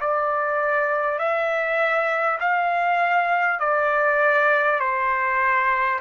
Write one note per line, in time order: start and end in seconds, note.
0.00 1.18 D5
1.18 2.38 E5
2.39 3.59 F5
3.59 4.79 D5
4.79 5.99 C5